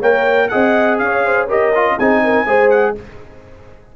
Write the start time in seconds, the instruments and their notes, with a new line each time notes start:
0.00 tuba A#3, trombone A#4, horn C#5, trumpet G5
0.49 tuba C4, trombone G#4, horn D#5, trumpet F#5
0.98 tuba C#4, horn C#5, trumpet F5
1.25 horn C5
1.47 trombone G4, horn A#4, trumpet D#5
1.75 trombone F4
1.98 tuba C4, trombone D#4, horn G#4, trumpet G#5
2.24 horn A#4
2.46 tuba G#3, trombone G#4, horn C5
2.70 trumpet F#5